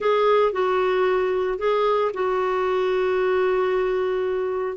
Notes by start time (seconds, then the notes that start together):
0.00 G#4
0.52 F#4
1.58 G#4
2.13 F#4